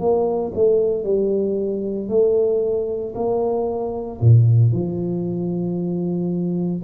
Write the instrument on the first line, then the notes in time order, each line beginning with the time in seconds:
tuba
0.00 A#3
0.56 A3
1.04 G3
2.09 A3
3.16 A#3
4.21 A#2
4.73 F3